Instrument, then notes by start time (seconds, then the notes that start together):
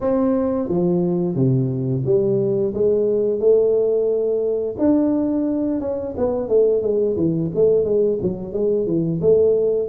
tuba
0.00 C4
0.68 F3
1.35 C3
2.05 G3
2.74 G#3
3.39 A3
4.78 D4
5.80 C#4
6.17 B3
6.48 A3
6.82 G#3
7.16 E3
7.54 A3
7.84 G#3
8.22 F#3
8.53 G#3
8.86 E3
9.21 A3